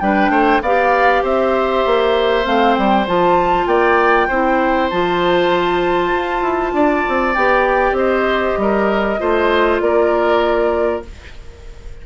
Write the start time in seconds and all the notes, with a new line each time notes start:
0.00 G3 D4 B4 G5
0.29 A3 C5
0.61 B3 G4 D5 F5
1.23 C4 C5 E5
1.86 A#3
2.44 A3 C4 F5
2.74 G3 G5
3.07 F3 F4 A5
3.67 A#3 D5 G5
4.28 C4 E4 C5
4.90 F3 F4 A5
6.12 F4
6.41 E4
6.73 D4 D5
7.08 C4
7.34 B3 G4 G5
7.92 C4 C5 D#5
8.58 G3 A#4
9.19 A3 F4 C5
9.80 A#3 A#4 D5